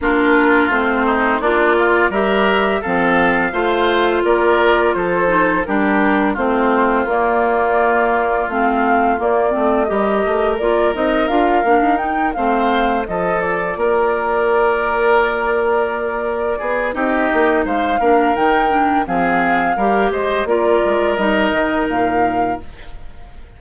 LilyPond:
<<
  \new Staff \with { instrumentName = "flute" } { \time 4/4 \tempo 4 = 85 ais'4 c''4 d''4 e''4 | f''2 d''4 c''4 | ais'4 c''4 d''2 | f''4 d''4 dis''4 d''8 dis''8 |
f''4 g''8 f''4 dis''8 d''4~ | d''1 | dis''4 f''4 g''4 f''4~ | f''8 dis''8 d''4 dis''4 f''4 | }
  \new Staff \with { instrumentName = "oboe" } { \time 4/4 f'4. dis'8 d'8 f'8 ais'4 | a'4 c''4 ais'4 a'4 | g'4 f'2.~ | f'2 ais'2~ |
ais'4. c''4 a'4 ais'8~ | ais'2.~ ais'8 gis'8 | g'4 c''8 ais'4. gis'4 | ais'8 c''8 ais'2. | }
  \new Staff \with { instrumentName = "clarinet" } { \time 4/4 d'4 c'4 f'4 g'4 | c'4 f'2~ f'8 dis'8 | d'4 c'4 ais2 | c'4 ais8 c'8 g'4 f'8 dis'8 |
f'8 d'8 dis'8 c'4 f'4.~ | f'1 | dis'4. d'8 dis'8 d'8 c'4 | g'4 f'4 dis'2 | }
  \new Staff \with { instrumentName = "bassoon" } { \time 4/4 ais4 a4 ais4 g4 | f4 a4 ais4 f4 | g4 a4 ais2 | a4 ais8 a8 g8 a8 ais8 c'8 |
d'8 ais16 dis'8. a4 f4 ais8~ | ais2.~ ais8 b8 | c'8 ais8 gis8 ais8 dis4 f4 | g8 gis8 ais8 gis8 g8 dis8 ais,4 | }
>>